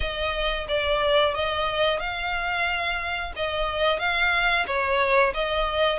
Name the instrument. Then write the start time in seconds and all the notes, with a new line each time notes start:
violin
0.00 D#5
0.68 D5
1.34 D#5
1.99 F5
3.35 D#5
3.99 F5
4.66 C#5
5.34 D#5